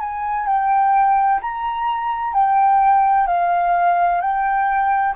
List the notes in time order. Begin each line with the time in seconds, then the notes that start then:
0.00 G#5
0.46 G5
1.41 A#5
2.34 G5
3.27 F5
4.21 G5